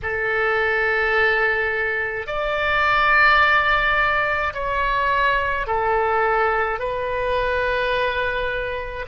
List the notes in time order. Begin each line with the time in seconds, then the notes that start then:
0.02 A4
2.26 D5
4.53 C#5
5.67 A4
6.79 B4